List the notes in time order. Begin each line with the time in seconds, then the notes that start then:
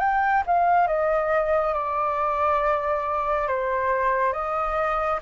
0.00 G5
0.47 F5
0.88 D#5
1.74 D5
3.48 C5
4.33 D#5